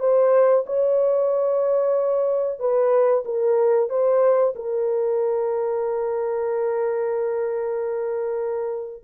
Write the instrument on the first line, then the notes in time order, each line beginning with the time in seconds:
horn
0.00 C5
0.67 C#5
2.60 B4
3.25 A#4
3.90 C5
4.55 A#4